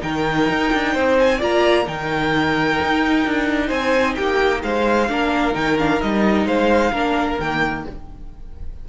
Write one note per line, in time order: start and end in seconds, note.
0.00 0.49 D#3
0.00 1.38 D#4
0.00 0.93 A#4
0.00 1.18 G5
0.49 0.72 D#4
0.73 0.95 D4
0.93 1.41 C4
0.93 1.38 C5
1.18 1.41 G#5
1.38 1.87 A#3
1.38 1.85 F4
1.38 1.84 D5
1.38 1.88 A#5
1.84 2.79 D#3
1.84 5.08 D#4
1.84 3.67 A#4
1.84 3.69 G5
2.82 3.26 D#4
3.26 3.70 D4
3.67 4.17 C4
3.67 4.14 C5
3.67 4.15 G#5
4.15 4.63 A#3
4.15 4.63 G4
4.15 4.61 G5
4.63 5.09 G#3
4.63 5.10 C5
4.63 5.55 F5
5.08 5.55 A#3
5.08 5.54 D4
5.08 6.46 A#4
5.54 6.01 D#3
5.54 5.77 D#4
5.54 5.78 G5
5.78 6.00 D4
5.78 6.01 F5
6.00 6.45 G3
6.00 6.93 D#4
6.00 6.47 D#5
6.45 6.92 G#3
6.45 6.92 C5
6.45 7.39 F5
6.92 7.38 A#3
6.92 7.39 D4
6.92 7.84 A#4
7.39 7.86 D#3
7.39 7.89 A#3
7.39 7.85 G5